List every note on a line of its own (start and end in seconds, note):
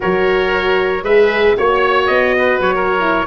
0.00 1.02 F#3
0.00 1.00 F#4
0.00 1.03 A#4
0.00 1.04 C#5
1.02 1.54 G#3
1.02 1.56 G#4
1.02 1.56 B4
1.02 1.56 E5
1.56 2.09 A#3
1.56 3.00 F#4
1.56 2.35 C#5
1.56 2.06 C#5
2.06 2.59 B3
2.06 2.58 D#5
2.38 2.75 B4
2.59 3.24 F#3
2.59 3.26 C#5
2.75 3.26 A#4
3.00 3.26 E4